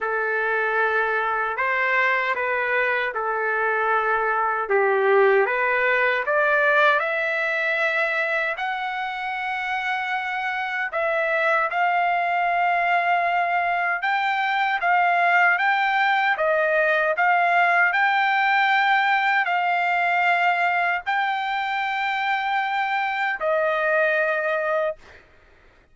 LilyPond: \new Staff \with { instrumentName = "trumpet" } { \time 4/4 \tempo 4 = 77 a'2 c''4 b'4 | a'2 g'4 b'4 | d''4 e''2 fis''4~ | fis''2 e''4 f''4~ |
f''2 g''4 f''4 | g''4 dis''4 f''4 g''4~ | g''4 f''2 g''4~ | g''2 dis''2 | }